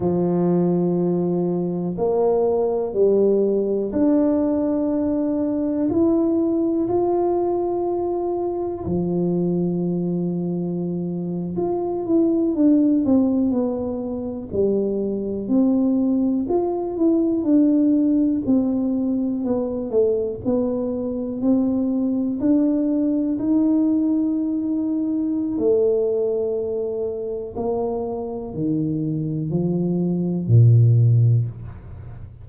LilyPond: \new Staff \with { instrumentName = "tuba" } { \time 4/4 \tempo 4 = 61 f2 ais4 g4 | d'2 e'4 f'4~ | f'4 f2~ f8. f'16~ | f'16 e'8 d'8 c'8 b4 g4 c'16~ |
c'8. f'8 e'8 d'4 c'4 b16~ | b16 a8 b4 c'4 d'4 dis'16~ | dis'2 a2 | ais4 dis4 f4 ais,4 | }